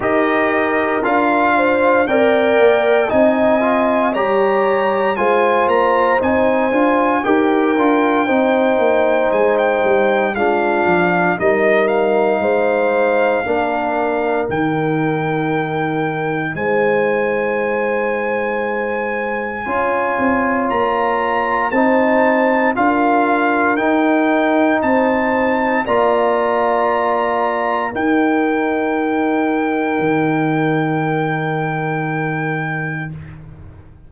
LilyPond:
<<
  \new Staff \with { instrumentName = "trumpet" } { \time 4/4 \tempo 4 = 58 dis''4 f''4 g''4 gis''4 | ais''4 gis''8 ais''8 gis''4 g''4~ | g''4 gis''16 g''8. f''4 dis''8 f''8~ | f''2 g''2 |
gis''1 | ais''4 a''4 f''4 g''4 | a''4 ais''2 g''4~ | g''1 | }
  \new Staff \with { instrumentName = "horn" } { \time 4/4 ais'4. c''8 d''4 dis''4 | cis''4 c''2 ais'4 | c''2 f'4 ais'4 | c''4 ais'2. |
c''2. cis''4~ | cis''4 c''4 ais'2 | c''4 d''2 ais'4~ | ais'1 | }
  \new Staff \with { instrumentName = "trombone" } { \time 4/4 g'4 f'4 ais'4 dis'8 f'8 | g'4 f'4 dis'8 f'8 g'8 f'8 | dis'2 d'4 dis'4~ | dis'4 d'4 dis'2~ |
dis'2. f'4~ | f'4 dis'4 f'4 dis'4~ | dis'4 f'2 dis'4~ | dis'1 | }
  \new Staff \with { instrumentName = "tuba" } { \time 4/4 dis'4 d'4 c'8 ais8 c'4 | g4 gis8 ais8 c'8 d'8 dis'8 d'8 | c'8 ais8 gis8 g8 gis8 f8 g4 | gis4 ais4 dis2 |
gis2. cis'8 c'8 | ais4 c'4 d'4 dis'4 | c'4 ais2 dis'4~ | dis'4 dis2. | }
>>